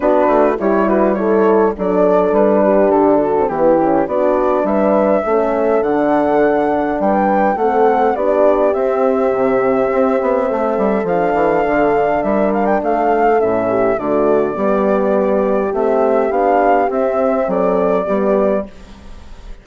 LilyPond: <<
  \new Staff \with { instrumentName = "flute" } { \time 4/4 \tempo 4 = 103 b'4 cis''8 b'8 cis''4 d''4 | b'4 a'4 g'4 d''4 | e''2 fis''2 | g''4 fis''4 d''4 e''4~ |
e''2. f''4~ | f''4 e''8 f''16 g''16 f''4 e''4 | d''2. e''4 | f''4 e''4 d''2 | }
  \new Staff \with { instrumentName = "horn" } { \time 4/4 fis'4 g'8 fis'8 e'4 a'4~ | a'8 g'4 fis'8 e'4 fis'4 | b'4 a'2. | b'4 a'4 g'2~ |
g'2 a'2~ | a'4 ais'4 a'4. g'8 | fis'4 g'2.~ | g'2 a'4 g'4 | }
  \new Staff \with { instrumentName = "horn" } { \time 4/4 d'4 e'4 a'4 d'4~ | d'4.~ d'16 c'16 b8 cis'8 d'4~ | d'4 cis'4 d'2~ | d'4 c'4 d'4 c'4~ |
c'2. d'4~ | d'2. cis'4 | a4 b2 c'4 | d'4 c'2 b4 | }
  \new Staff \with { instrumentName = "bassoon" } { \time 4/4 b8 a8 g2 fis4 | g4 d4 e4 b4 | g4 a4 d2 | g4 a4 b4 c'4 |
c4 c'8 b8 a8 g8 f8 e8 | d4 g4 a4 a,4 | d4 g2 a4 | b4 c'4 fis4 g4 | }
>>